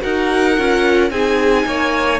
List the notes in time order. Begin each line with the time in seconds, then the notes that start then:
0.00 D#4 F#4 A#4 F#5
0.57 C#4 F4
1.10 C4 D#4 G#4 G#5
1.66 A#3 C#5